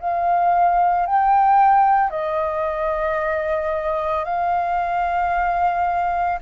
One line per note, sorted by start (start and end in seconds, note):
0.00 1.06 F5
1.06 2.10 G5
2.10 4.25 D#5
4.25 6.39 F5